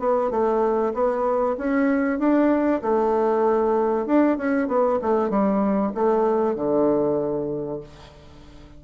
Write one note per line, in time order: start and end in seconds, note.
0.00 0.31 B3
0.31 0.93 A3
0.94 1.57 B3
1.58 2.19 C#4
2.19 2.82 D4
2.82 4.07 A3
4.07 4.38 D4
4.38 4.68 C#4
4.68 4.99 B3
5.02 5.30 A3
5.30 5.93 G3
5.95 6.56 A3
6.56 7.81 D3